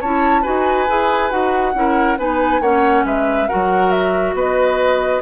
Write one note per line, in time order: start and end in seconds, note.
0.00 0.45 C#4
0.00 0.43 E4
0.00 0.42 C#5
0.00 0.44 A5
0.42 0.89 D#4
0.42 0.87 F#4
0.42 1.72 B4
0.42 1.31 G#5
0.88 1.32 E4
0.88 1.30 G#4
1.30 1.74 D#4
1.30 1.74 F#4
1.30 2.18 F#5
1.74 2.18 C#4
1.74 2.18 E4
1.74 2.19 A#4
2.18 2.60 B3
2.18 2.62 D#4
2.18 2.61 B4
2.18 2.62 G#5
2.60 3.04 A#3
2.60 3.49 C#4
2.60 3.05 C#5
2.60 3.05 F#5
3.05 3.48 G#3
3.05 3.48 B4
3.05 3.48 E5
3.48 4.34 F#3
3.48 5.22 F#4
3.48 4.35 A#4
3.48 3.91 F#5
3.91 4.34 E5
4.34 5.21 B3
4.34 5.22 B4
4.34 5.22 D#5